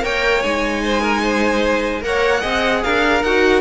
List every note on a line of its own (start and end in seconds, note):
0.00 0.44 A#3
0.00 0.40 A#4
0.00 0.83 C#5
0.00 0.42 G5
0.42 2.03 G#3
0.42 2.01 D#4
0.42 2.02 G#5
0.84 1.01 C5
1.01 1.21 A#4
1.22 2.02 C5
2.01 2.43 A#3
2.01 2.40 A#4
2.01 2.40 C#5
2.01 2.83 F#5
2.40 2.84 C4
2.40 3.20 G#4
2.40 2.80 D#5
2.83 3.23 D4
2.83 3.61 A#4
2.83 3.23 F5
3.23 3.61 D#4
3.23 3.61 F#4
3.23 3.61 F#5